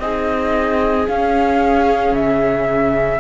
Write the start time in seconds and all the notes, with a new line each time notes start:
0.00 C4 D#4 G#4 D#5
1.07 C#4 F5
2.12 C#3 E5